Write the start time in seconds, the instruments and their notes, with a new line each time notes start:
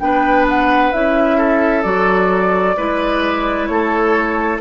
0.00 bassoon B3, clarinet D4, oboe B4, flute G5
0.49 flute F#5
0.92 bassoon C#4, clarinet E4, flute E5
1.38 oboe A4
1.83 bassoon F#3, clarinet F#4, flute D5
2.77 bassoon G#3, clarinet E4, oboe B4
3.67 bassoon A3, oboe A4, flute C#5